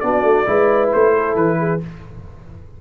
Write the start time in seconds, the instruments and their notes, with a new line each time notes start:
0.00 tuba B3, trombone D4, horn F#4, trumpet D5
0.23 tuba A3
0.46 tuba G#3, trombone E4, horn B4
0.92 tuba A3, trumpet C5
1.16 horn A4
1.35 tuba E3, trumpet B4
1.59 horn G#4